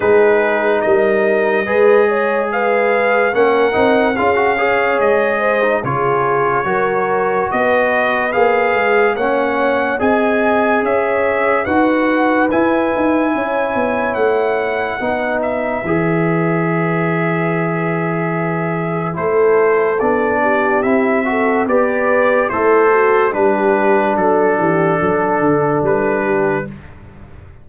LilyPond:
<<
  \new Staff \with { instrumentName = "trumpet" } { \time 4/4 \tempo 4 = 72 b'4 dis''2 f''4 | fis''4 f''4 dis''4 cis''4~ | cis''4 dis''4 f''4 fis''4 | gis''4 e''4 fis''4 gis''4~ |
gis''4 fis''4. e''4.~ | e''2. c''4 | d''4 e''4 d''4 c''4 | b'4 a'2 b'4 | }
  \new Staff \with { instrumentName = "horn" } { \time 4/4 gis'4 ais'4 b'8 cis''8 b'4 | ais'4 gis'8 cis''4 c''8 gis'4 | ais'4 b'2 cis''4 | dis''4 cis''4 b'2 |
cis''2 b'2~ | b'2. a'4~ | a'8 g'4 a'8 b'4 e'8 fis'8 | g'4 a'8 g'8 a'4. g'8 | }
  \new Staff \with { instrumentName = "trombone" } { \time 4/4 dis'2 gis'2 | cis'8 dis'8 f'16 fis'16 gis'4~ gis'16 dis'16 f'4 | fis'2 gis'4 cis'4 | gis'2 fis'4 e'4~ |
e'2 dis'4 gis'4~ | gis'2. e'4 | d'4 e'8 fis'8 g'4 a'4 | d'1 | }
  \new Staff \with { instrumentName = "tuba" } { \time 4/4 gis4 g4 gis2 | ais8 c'8 cis'4 gis4 cis4 | fis4 b4 ais8 gis8 ais4 | c'4 cis'4 dis'4 e'8 dis'8 |
cis'8 b8 a4 b4 e4~ | e2. a4 | b4 c'4 b4 a4 | g4 fis8 e8 fis8 d8 g4 | }
>>